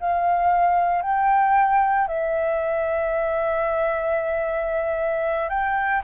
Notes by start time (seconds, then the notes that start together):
0.00 F5
1.02 G5
2.08 E5
5.49 G5